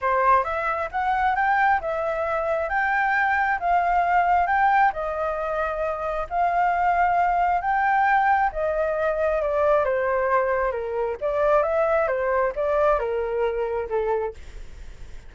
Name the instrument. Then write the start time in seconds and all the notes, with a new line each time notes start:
flute
0.01 C5
0.44 E5
0.91 F#5
1.35 G5
1.80 E5
2.69 G5
3.59 F5
4.46 G5
4.93 D#5
6.29 F5
7.61 G5
8.52 D#5
9.42 D5
9.84 C5
10.71 A#4
11.20 D5
11.63 E5
12.07 C5
12.55 D5
12.99 A#4
13.89 A4